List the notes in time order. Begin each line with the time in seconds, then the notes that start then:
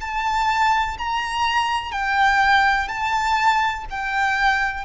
0.00 A5
0.98 A#5
1.91 G5
2.88 A5
3.90 G5